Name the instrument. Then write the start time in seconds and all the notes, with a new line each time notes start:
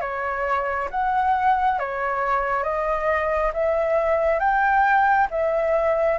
flute
0.00 C#5
0.90 F#5
1.79 C#5
2.63 D#5
3.53 E5
4.39 G5
5.30 E5